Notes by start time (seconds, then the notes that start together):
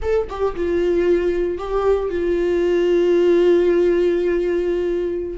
0.01 A4
0.29 G4
0.55 F4
1.58 G4
2.10 F4